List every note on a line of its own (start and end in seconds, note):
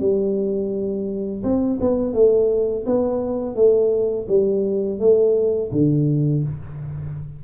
0.00 1.43 G3
1.43 1.79 C4
1.81 2.14 B3
2.14 2.85 A3
2.86 3.56 B3
3.56 4.27 A3
4.28 4.99 G3
4.99 5.71 A3
5.72 6.43 D3